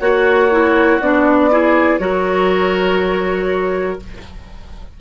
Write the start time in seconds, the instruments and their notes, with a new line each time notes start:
0.00 bassoon A#3, oboe F#4, clarinet F#4, flute C#5
0.51 clarinet E4
1.00 bassoon B3, clarinet D4, flute D5
1.51 clarinet E4, oboe G#4
1.99 bassoon F#3, clarinet F#4, oboe A#4, flute C#5